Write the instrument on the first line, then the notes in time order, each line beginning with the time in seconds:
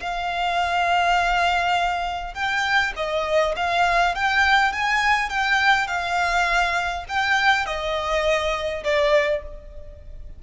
violin
0.00 F5
2.34 G5
2.96 D#5
3.56 F5
4.15 G5
4.72 G#5
5.29 G5
5.87 F5
7.08 G5
7.66 D#5
8.83 D5